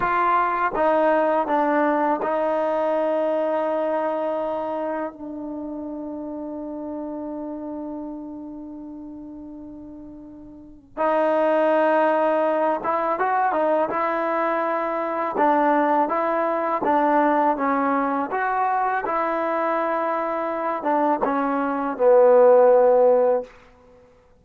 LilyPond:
\new Staff \with { instrumentName = "trombone" } { \time 4/4 \tempo 4 = 82 f'4 dis'4 d'4 dis'4~ | dis'2. d'4~ | d'1~ | d'2. dis'4~ |
dis'4. e'8 fis'8 dis'8 e'4~ | e'4 d'4 e'4 d'4 | cis'4 fis'4 e'2~ | e'8 d'8 cis'4 b2 | }